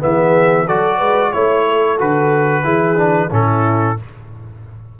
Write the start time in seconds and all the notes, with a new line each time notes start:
0.00 E3 B3 G#4 E5
0.67 F#3 F#4 A4 D5
0.98 G#3 B4
1.32 A3 E4 C#5
1.68 A4
1.98 D3 F#4 B4
2.64 E3 E4 G#4
2.97 D4
3.31 A2 C#4 E4 A4